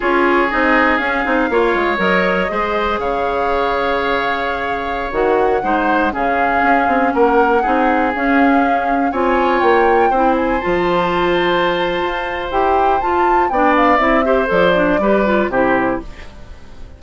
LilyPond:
<<
  \new Staff \with { instrumentName = "flute" } { \time 4/4 \tempo 4 = 120 cis''4 dis''4 f''2 | dis''2 f''2~ | f''2~ f''16 fis''4.~ fis''16~ | fis''16 f''2 fis''4.~ fis''16~ |
fis''16 f''2 gis''4 g''8.~ | g''8. gis''8 a''2~ a''8.~ | a''4 g''4 a''4 g''8 f''8 | e''4 d''2 c''4 | }
  \new Staff \with { instrumentName = "oboe" } { \time 4/4 gis'2. cis''4~ | cis''4 c''4 cis''2~ | cis''2.~ cis''16 c''8.~ | c''16 gis'2 ais'4 gis'8.~ |
gis'2~ gis'16 cis''4.~ cis''16~ | cis''16 c''2.~ c''8.~ | c''2. d''4~ | d''8 c''4. b'4 g'4 | }
  \new Staff \with { instrumentName = "clarinet" } { \time 4/4 f'4 dis'4 cis'8 dis'8 f'4 | ais'4 gis'2.~ | gis'2~ gis'16 fis'4 dis'8.~ | dis'16 cis'2. dis'8.~ |
dis'16 cis'2 f'4.~ f'16~ | f'16 e'4 f'2~ f'8.~ | f'4 g'4 f'4 d'4 | e'8 g'8 a'8 d'8 g'8 f'8 e'4 | }
  \new Staff \with { instrumentName = "bassoon" } { \time 4/4 cis'4 c'4 cis'8 c'8 ais8 gis8 | fis4 gis4 cis2~ | cis2~ cis16 dis4 gis8.~ | gis16 cis4 cis'8 c'8 ais4 c'8.~ |
c'16 cis'2 c'4 ais8.~ | ais16 c'4 f2~ f8. | f'4 e'4 f'4 b4 | c'4 f4 g4 c4 | }
>>